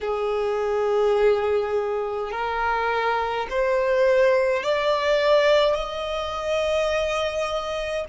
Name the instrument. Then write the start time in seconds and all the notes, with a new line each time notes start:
violin
0.00 G#4
2.31 A#4
3.49 C5
4.63 D5
5.74 D#5